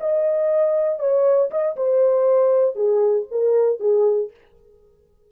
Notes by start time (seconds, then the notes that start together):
0.00 D#5
0.99 C#5
1.50 D#5
1.76 C5
2.75 G#4
3.31 A#4
3.80 G#4